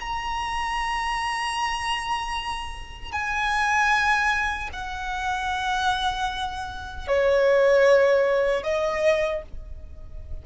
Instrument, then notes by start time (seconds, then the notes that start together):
violin
0.00 A#5
3.12 G#5
4.73 F#5
7.08 C#5
8.63 D#5